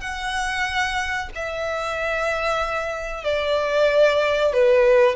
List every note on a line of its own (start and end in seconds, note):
0.00 1.29 F#5
1.35 3.24 E5
3.24 4.53 D5
4.53 5.15 B4